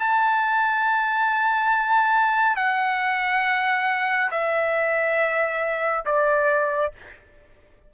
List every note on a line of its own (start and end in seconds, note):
0.00 2.57 A5
2.57 4.31 F#5
4.32 6.06 E5
6.06 6.92 D5